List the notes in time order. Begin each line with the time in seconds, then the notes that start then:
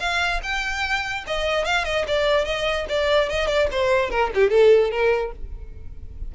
0.00 F5
0.43 G5
1.27 D#5
1.65 F5
1.85 D#5
2.07 D5
2.45 D#5
2.89 D5
3.30 D#5
3.47 D5
3.72 C5
4.10 A#4
4.35 G4
4.50 A4
4.91 A#4